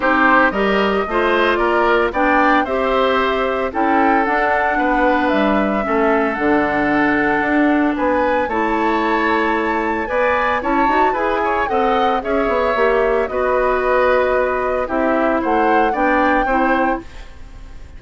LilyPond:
<<
  \new Staff \with { instrumentName = "flute" } { \time 4/4 \tempo 4 = 113 c''4 dis''2 d''4 | g''4 e''2 g''4 | fis''2 e''2 | fis''2. gis''4 |
a''2. gis''4 | a''4 gis''4 fis''4 e''4~ | e''4 dis''2. | e''4 fis''4 g''2 | }
  \new Staff \with { instrumentName = "oboe" } { \time 4/4 g'4 ais'4 c''4 ais'4 | d''4 c''2 a'4~ | a'4 b'2 a'4~ | a'2. b'4 |
cis''2. d''4 | cis''4 b'8 cis''8 dis''4 cis''4~ | cis''4 b'2. | g'4 c''4 d''4 c''4 | }
  \new Staff \with { instrumentName = "clarinet" } { \time 4/4 dis'4 g'4 f'2 | d'4 g'2 e'4 | d'2. cis'4 | d'1 |
e'2. b'4 | e'8 fis'8 gis'4 a'4 gis'4 | g'4 fis'2. | e'2 d'4 e'4 | }
  \new Staff \with { instrumentName = "bassoon" } { \time 4/4 c'4 g4 a4 ais4 | b4 c'2 cis'4 | d'4 b4 g4 a4 | d2 d'4 b4 |
a2. b4 | cis'8 dis'8 e'4 c'4 cis'8 b8 | ais4 b2. | c'4 a4 b4 c'4 | }
>>